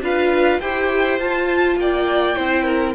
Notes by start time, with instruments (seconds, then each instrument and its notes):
0.00 cello D4, viola F4, violin B4 F5
0.60 cello E4, viola G4, violin C5 G5
1.19 cello F4, viola F4, violin A5
1.76 cello A#3, violin D5 G5
2.36 cello C4, viola E4, violin C5
2.64 violin A#4